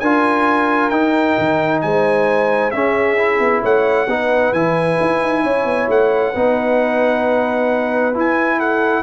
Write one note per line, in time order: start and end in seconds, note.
0.00 0.92 D4
0.00 0.92 F4
0.00 1.83 A#4
0.00 0.90 G#5
0.90 1.37 D#4
0.90 2.73 D#4
0.90 1.81 G5
1.39 1.83 D#3
1.82 2.74 G#3
1.82 2.75 C5
1.82 2.71 G#5
2.71 3.40 C#4
2.71 3.18 C#4
2.71 3.62 G#4
2.71 3.61 E5
3.18 4.08 E4
3.40 3.63 B3
3.62 4.07 A3
3.62 4.08 C#5
3.62 4.54 F#5
4.07 4.52 B3
4.07 4.55 D#4
4.07 5.44 B4
4.53 4.98 E3
4.53 6.35 E4
4.53 5.89 G#5
5.01 5.22 E4
5.22 5.45 D#4
5.44 5.65 C#4
5.44 6.32 C#5
5.65 5.88 B3
5.89 6.34 A3
5.89 8.17 F#5
6.32 8.16 B3
6.32 8.14 D#4
6.32 8.58 B4
8.14 9.04 E4
8.14 8.60 G#5
8.59 9.04 A4
8.59 9.04 F#5